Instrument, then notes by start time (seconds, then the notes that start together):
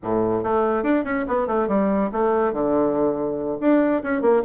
bassoon
0.02 A2
0.43 A3
0.83 D4
1.04 C#4
1.27 B3
1.47 A3
1.68 G3
2.11 A3
2.52 D3
3.60 D4
4.03 C#4
4.21 A#3